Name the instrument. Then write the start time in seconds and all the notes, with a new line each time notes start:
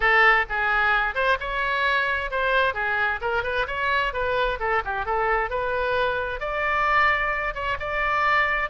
oboe
0.00 A4
0.49 G#4
1.14 C5
1.40 C#5
2.30 C5
2.74 G#4
3.21 A#4
3.43 B4
3.67 C#5
4.13 B4
4.59 A4
4.84 G4
5.05 A4
5.50 B4
6.40 D5
7.54 C#5
7.79 D5